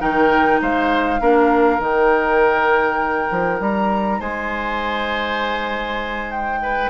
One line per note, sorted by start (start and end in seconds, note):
0.00 0.61 D#3
0.00 1.20 D#4
0.00 0.60 A#4
0.00 0.60 G5
0.61 1.21 G#3
0.61 1.21 C5
0.61 1.82 F5
1.21 1.79 A#3
1.21 1.80 D4
1.21 4.19 A#4
1.79 3.29 D#3
1.79 6.90 D#4
1.79 3.62 G5
3.31 3.60 F3
3.60 4.20 G3
3.60 4.21 A#5
4.19 6.90 G#3
4.19 6.59 C5
4.19 6.31 G#5
6.31 6.90 G5
6.62 6.90 B4